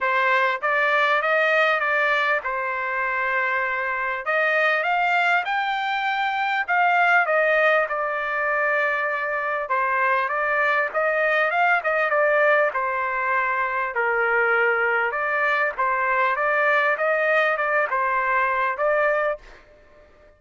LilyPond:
\new Staff \with { instrumentName = "trumpet" } { \time 4/4 \tempo 4 = 99 c''4 d''4 dis''4 d''4 | c''2. dis''4 | f''4 g''2 f''4 | dis''4 d''2. |
c''4 d''4 dis''4 f''8 dis''8 | d''4 c''2 ais'4~ | ais'4 d''4 c''4 d''4 | dis''4 d''8 c''4. d''4 | }